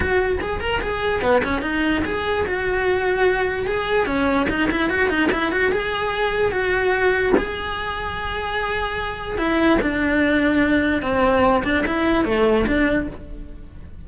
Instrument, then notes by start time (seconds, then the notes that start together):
cello
0.00 F#4
0.40 G#4
0.60 A#4
0.81 G#4
1.21 B3
1.43 C#4
1.61 D#4
2.04 G#4
2.46 F#4
3.66 G#4
4.06 C#4
4.49 D#4
4.71 E4
4.89 F#4
5.09 D#4
5.32 E4
5.51 F#4
5.72 G#4
6.51 F#4
7.37 G#4
9.37 E4
9.81 D4
11.02 C4
11.63 D4
11.86 E4
12.24 A3
12.67 D4